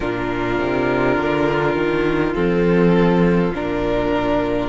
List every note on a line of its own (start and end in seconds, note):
0.00 0.59 A#2
0.00 2.34 D4
0.00 4.68 F4
0.00 2.33 A#4
0.59 1.17 C3
1.17 1.75 D3
1.75 2.34 D#3
2.34 3.51 F3
2.34 3.52 C4
2.34 3.52 A4
3.51 4.68 A#2
3.51 4.68 D4
3.51 4.68 A#4